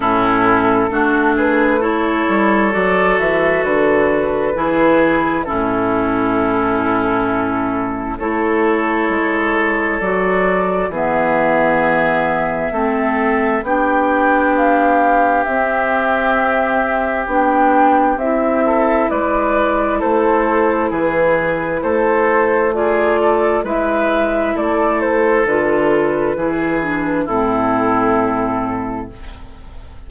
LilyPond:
<<
  \new Staff \with { instrumentName = "flute" } { \time 4/4 \tempo 4 = 66 a'4. b'8 cis''4 d''8 e''8 | b'2 a'2~ | a'4 cis''2 d''4 | e''2. g''4 |
f''4 e''2 g''4 | e''4 d''4 c''4 b'4 | c''4 d''4 e''4 d''8 c''8 | b'2 a'2 | }
  \new Staff \with { instrumentName = "oboe" } { \time 4/4 e'4 fis'8 gis'8 a'2~ | a'4 gis'4 e'2~ | e'4 a'2. | gis'2 a'4 g'4~ |
g'1~ | g'8 a'8 b'4 a'4 gis'4 | a'4 gis'8 a'8 b'4 a'4~ | a'4 gis'4 e'2 | }
  \new Staff \with { instrumentName = "clarinet" } { \time 4/4 cis'4 d'4 e'4 fis'4~ | fis'4 e'4 cis'2~ | cis'4 e'2 fis'4 | b2 c'4 d'4~ |
d'4 c'2 d'4 | e'1~ | e'4 f'4 e'2 | f'4 e'8 d'8 c'2 | }
  \new Staff \with { instrumentName = "bassoon" } { \time 4/4 a,4 a4. g8 fis8 e8 | d4 e4 a,2~ | a,4 a4 gis4 fis4 | e2 a4 b4~ |
b4 c'2 b4 | c'4 gis4 a4 e4 | a2 gis4 a4 | d4 e4 a,2 | }
>>